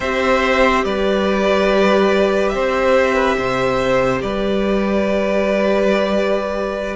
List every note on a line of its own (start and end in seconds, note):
0.00 0.84 C4
0.00 6.95 G4
0.00 0.84 C5
0.00 0.84 E5
0.84 2.53 G3
0.84 2.54 B4
0.84 2.49 D5
2.49 3.38 C4
2.49 3.14 C5
2.49 4.18 E5
3.14 3.36 B4
3.37 4.22 C3
3.37 4.22 C5
4.21 6.95 G3
4.21 6.95 B4
4.21 6.95 D5